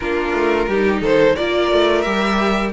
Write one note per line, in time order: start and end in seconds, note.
0.00 0.33 A#3
0.00 0.69 D4
0.00 0.68 F4
0.00 1.00 A#4
0.33 0.67 A3
0.67 1.01 G3
0.67 1.37 D#4
0.67 1.01 G4
1.01 1.35 D#3
1.01 1.35 A4
1.01 1.36 C5
1.36 1.71 A#3
1.36 2.04 F4
1.36 2.72 A#4
1.36 2.01 D5
1.71 2.05 A3
2.01 2.72 G3
2.01 2.72 G4
2.01 2.69 E5